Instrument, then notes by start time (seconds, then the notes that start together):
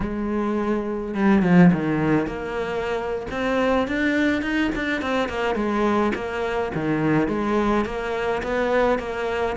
cello
0.00 G#3
1.14 G3
1.42 F3
1.72 D#3
2.26 A#3
3.31 C4
3.87 D4
4.42 D#4
4.75 D4
5.01 C4
5.29 A#3
5.55 G#3
6.14 A#3
6.74 D#3
7.28 G#3
7.85 A#3
8.42 B3
8.98 A#3